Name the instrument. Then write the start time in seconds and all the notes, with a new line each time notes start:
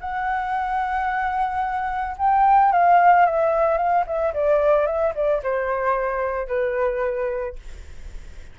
flute
0.00 F#5
2.18 G5
2.72 F5
3.25 E5
3.77 F5
4.06 E5
4.34 D5
4.86 E5
5.15 D5
5.43 C5
6.47 B4